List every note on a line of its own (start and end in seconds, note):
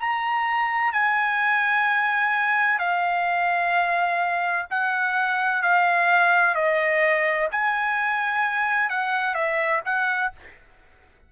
0.00 0.93 A#5
0.93 2.79 G#5
2.79 4.67 F5
4.71 5.62 F#5
5.62 6.55 F5
6.55 7.49 D#5
7.52 8.90 G#5
8.90 9.35 F#5
9.35 9.82 E5
9.86 10.33 F#5